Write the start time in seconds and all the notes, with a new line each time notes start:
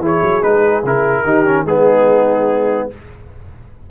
0.00 E3 E4 G#4
0.06 C#5
0.23 F#3
0.42 G#3 D#4 B4
0.84 C#3 E4 A#4
1.24 D#3 D#4 G4
1.46 C#4
1.65 G#3 B3 D#4 G#4